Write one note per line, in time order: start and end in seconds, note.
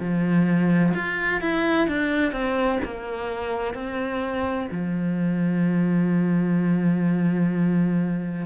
0.00 0.94 F3
0.95 1.41 F4
1.41 1.88 E4
1.88 2.33 D4
2.33 2.80 C4
2.85 3.75 A#3
3.75 4.68 C4
4.72 8.46 F3